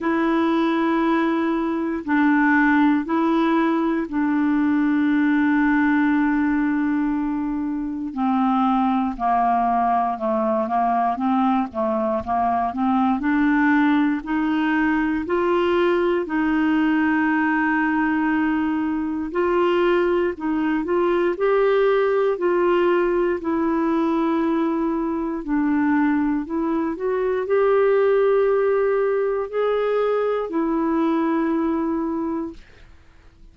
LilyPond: \new Staff \with { instrumentName = "clarinet" } { \time 4/4 \tempo 4 = 59 e'2 d'4 e'4 | d'1 | c'4 ais4 a8 ais8 c'8 a8 | ais8 c'8 d'4 dis'4 f'4 |
dis'2. f'4 | dis'8 f'8 g'4 f'4 e'4~ | e'4 d'4 e'8 fis'8 g'4~ | g'4 gis'4 e'2 | }